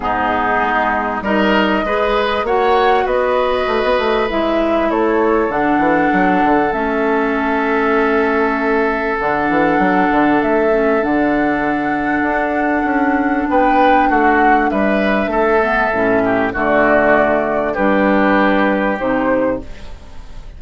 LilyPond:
<<
  \new Staff \with { instrumentName = "flute" } { \time 4/4 \tempo 4 = 98 gis'2 dis''2 | fis''4 dis''2 e''4 | cis''4 fis''2 e''4~ | e''2. fis''4~ |
fis''4 e''4 fis''2~ | fis''2 g''4 fis''4 | e''2. d''4~ | d''4 b'2 c''4 | }
  \new Staff \with { instrumentName = "oboe" } { \time 4/4 dis'2 ais'4 b'4 | cis''4 b'2. | a'1~ | a'1~ |
a'1~ | a'2 b'4 fis'4 | b'4 a'4. g'8 fis'4~ | fis'4 g'2. | }
  \new Staff \with { instrumentName = "clarinet" } { \time 4/4 b2 dis'4 gis'4 | fis'2. e'4~ | e'4 d'2 cis'4~ | cis'2. d'4~ |
d'4. cis'8 d'2~ | d'1~ | d'4. b8 cis'4 a4~ | a4 d'2 dis'4 | }
  \new Staff \with { instrumentName = "bassoon" } { \time 4/4 gis,4 gis4 g4 gis4 | ais4 b4 a16 b16 a8 gis4 | a4 d8 e8 fis8 d8 a4~ | a2. d8 e8 |
fis8 d8 a4 d2 | d'4 cis'4 b4 a4 | g4 a4 a,4 d4~ | d4 g2 c4 | }
>>